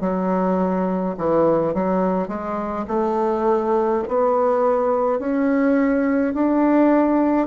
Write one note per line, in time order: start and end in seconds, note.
0.00 1.15 F#3
1.17 1.74 E3
1.74 2.28 F#3
2.28 2.85 G#3
2.87 4.03 A3
4.08 5.19 B3
5.19 6.34 C#4
6.34 7.47 D4